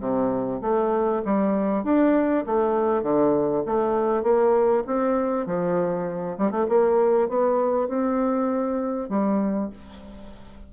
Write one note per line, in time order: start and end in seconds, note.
0.00 0.61 C3
0.62 1.22 A3
1.25 1.84 G3
1.84 2.45 D4
2.46 3.03 A3
3.03 3.63 D3
3.66 4.23 A3
4.23 4.84 A#3
4.87 5.47 C4
5.47 6.37 F3
6.38 6.51 G3
6.51 6.66 A3
6.69 7.29 A#3
7.29 7.88 B3
7.88 9.09 C4
9.09 9.70 G3